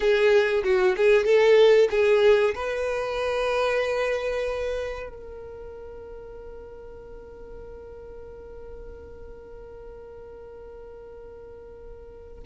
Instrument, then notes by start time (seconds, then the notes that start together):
violin
0.00 G#4
0.63 F#4
0.97 G#4
1.24 A4
1.90 G#4
2.54 B4
5.09 A#4